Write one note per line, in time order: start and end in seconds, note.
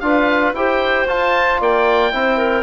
0.00 0.53 D4
0.00 0.55 F4
0.00 0.56 B4
0.00 0.53 F5
0.53 1.06 E4
0.53 1.08 G4
0.53 1.60 C5
0.53 1.08 G5
1.07 1.60 F4
1.07 2.12 F4
1.07 1.62 A5
1.60 2.13 A#3
1.60 2.13 D5
1.60 2.63 G5
2.12 2.63 C4
2.12 2.63 E4
2.12 2.38 C5
2.38 2.63 A#4